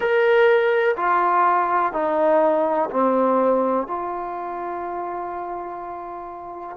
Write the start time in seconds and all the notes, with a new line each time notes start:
0.00 A#4
0.96 F4
1.92 D#4
2.90 C4
3.87 F4